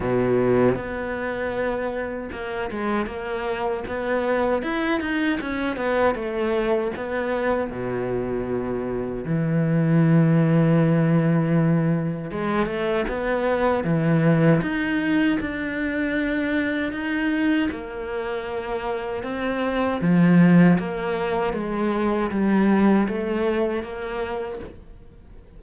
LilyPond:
\new Staff \with { instrumentName = "cello" } { \time 4/4 \tempo 4 = 78 b,4 b2 ais8 gis8 | ais4 b4 e'8 dis'8 cis'8 b8 | a4 b4 b,2 | e1 |
gis8 a8 b4 e4 dis'4 | d'2 dis'4 ais4~ | ais4 c'4 f4 ais4 | gis4 g4 a4 ais4 | }